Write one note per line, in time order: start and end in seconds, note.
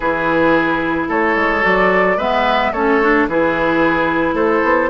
0.00 1.07 E3
0.00 1.61 E4
0.00 1.08 G#4
0.00 1.07 B4
1.08 1.35 A3
1.08 2.17 A4
1.08 1.65 C#5
1.35 1.63 G#3
1.61 2.17 F#3
1.61 2.16 F#4
1.61 2.19 D5
2.17 2.71 G#3
2.17 2.74 B3
2.17 2.71 B4
2.17 2.72 E5
2.71 3.26 A3
2.71 3.01 C#4
2.71 3.27 A4
2.71 3.27 C#5
3.02 3.29 D4
3.27 4.33 E3
3.27 4.89 E4
3.27 4.34 G#4
3.27 4.35 B4
4.33 4.60 A3
4.33 4.89 A4
4.33 4.89 C5
4.63 4.89 B3